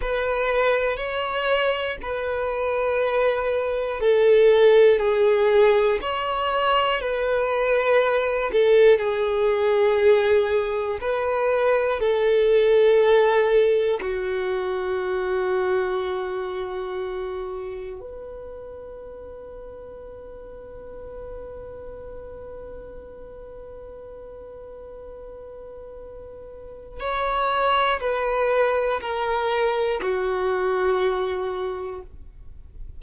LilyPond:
\new Staff \with { instrumentName = "violin" } { \time 4/4 \tempo 4 = 60 b'4 cis''4 b'2 | a'4 gis'4 cis''4 b'4~ | b'8 a'8 gis'2 b'4 | a'2 fis'2~ |
fis'2 b'2~ | b'1~ | b'2. cis''4 | b'4 ais'4 fis'2 | }